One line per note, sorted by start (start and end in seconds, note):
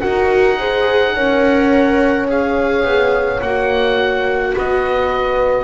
0.00 1.16 D#4
0.00 0.57 F#4
0.00 0.58 A#4
0.00 2.26 F#5
0.58 1.15 G#4
0.58 1.14 C5
1.14 2.84 C#4
1.14 2.27 A#4
1.14 4.53 C#5
2.27 3.41 G#4
2.27 3.41 F5
2.84 3.40 B3
3.41 4.54 A#3
3.41 5.64 F#4
3.41 4.54 F#5
4.53 5.64 B3
4.53 5.64 B4
4.53 5.64 D#5